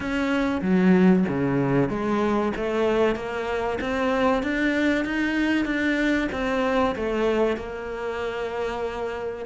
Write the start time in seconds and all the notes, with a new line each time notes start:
0.00 C#4
0.61 F#3
1.28 C#3
1.89 G#3
2.56 A3
3.15 A#3
3.80 C4
4.42 D4
5.04 D#4
5.65 D4
6.32 C4
6.95 A3
7.56 A#3